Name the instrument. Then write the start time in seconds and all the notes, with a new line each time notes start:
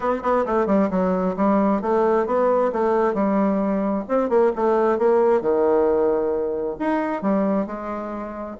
bassoon
0.00 C4
0.22 B3
0.45 A3
0.66 G3
0.90 F#3
1.36 G3
1.81 A3
2.26 B3
2.72 A3
3.14 G3
4.08 C4
4.29 A#3
4.55 A3
4.98 A#3
5.41 D#3
6.79 D#4
7.21 G3
7.66 G#3